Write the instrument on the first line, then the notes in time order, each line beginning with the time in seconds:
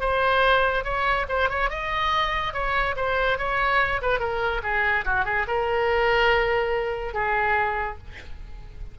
oboe
0.00 C5
0.84 C#5
1.28 C5
1.49 C#5
1.70 D#5
2.53 C#5
2.96 C5
3.38 C#5
4.02 B4
4.19 A#4
4.62 G#4
5.05 F#4
5.25 G#4
5.47 A#4
7.13 G#4